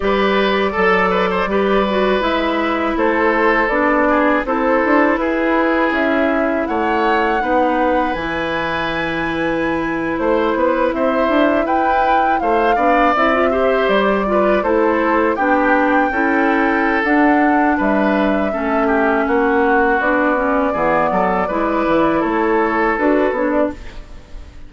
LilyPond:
<<
  \new Staff \with { instrumentName = "flute" } { \time 4/4 \tempo 4 = 81 d''2. e''4 | c''4 d''4 c''4 b'4 | e''4 fis''2 gis''4~ | gis''4.~ gis''16 c''4 e''4 g''16~ |
g''8. f''4 e''4 d''4 c''16~ | c''8. g''2~ g''16 fis''4 | e''2 fis''4 d''4~ | d''2 cis''4 b'8 cis''16 d''16 | }
  \new Staff \with { instrumentName = "oboe" } { \time 4/4 b'4 a'8 b'16 c''16 b'2 | a'4. gis'8 a'4 gis'4~ | gis'4 cis''4 b'2~ | b'4.~ b'16 c''8 b'8 c''4 b'16~ |
b'8. c''8 d''4 c''4 b'8 a'16~ | a'8. g'4 a'2~ a'16 | b'4 a'8 g'8 fis'2 | gis'8 a'8 b'4 a'2 | }
  \new Staff \with { instrumentName = "clarinet" } { \time 4/4 g'4 a'4 g'8 fis'8 e'4~ | e'4 d'4 e'2~ | e'2 dis'4 e'4~ | e'1~ |
e'4~ e'16 d'8 e'16 f'16 g'4 f'8 e'16~ | e'8. d'4 e'4~ e'16 d'4~ | d'4 cis'2 d'8 cis'8 | b4 e'2 fis'8 d'8 | }
  \new Staff \with { instrumentName = "bassoon" } { \time 4/4 g4 fis4 g4 gis4 | a4 b4 c'8 d'8 e'4 | cis'4 a4 b4 e4~ | e4.~ e16 a8 b8 c'8 d'8 e'16~ |
e'8. a8 b8 c'4 g4 a16~ | a8. b4 cis'4~ cis'16 d'4 | g4 a4 ais4 b4 | e8 fis8 gis8 e8 a4 d'8 b8 | }
>>